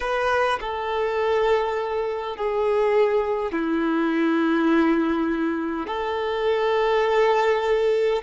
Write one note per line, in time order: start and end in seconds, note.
0.00 0.59 B4
0.60 2.36 A4
2.36 3.51 G#4
3.51 5.87 E4
5.87 8.22 A4